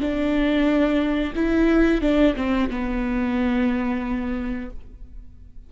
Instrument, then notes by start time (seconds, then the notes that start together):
viola
0.00 D4
1.35 E4
2.01 D4
2.36 C4
2.70 B3